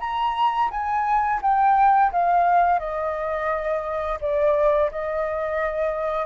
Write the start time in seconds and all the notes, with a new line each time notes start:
0.00 A#5
0.70 G#5
1.42 G5
2.12 F5
2.79 D#5
4.21 D5
4.91 D#5